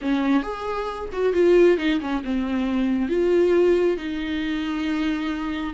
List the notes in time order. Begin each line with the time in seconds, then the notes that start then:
0.01 C#4
0.43 G#4
1.12 F#4
1.33 F4
1.77 D#4
2.00 C#4
2.24 C4
3.08 F4
3.97 D#4